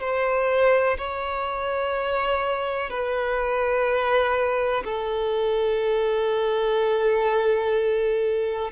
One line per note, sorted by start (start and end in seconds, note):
0.00 0.97 C5
0.97 2.89 C#5
2.89 4.83 B4
4.84 8.71 A4